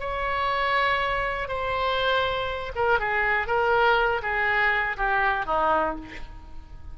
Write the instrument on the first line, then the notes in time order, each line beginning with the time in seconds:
oboe
0.00 C#5
1.49 C5
2.76 A#4
3.00 G#4
3.47 A#4
4.23 G#4
4.97 G4
5.46 D#4